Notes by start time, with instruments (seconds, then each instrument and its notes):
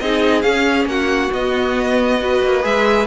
0.00 cello C4, viola D#4, violin G#4 D#5
0.42 viola C#4, cello C#4, violin F5
0.85 cello A#3, violin F#4 F#5
1.32 cello B3, viola B3, violin D#5
2.21 viola F#4, violin B4
2.43 cello A#3
2.62 cello G#3, viola G#4, violin E5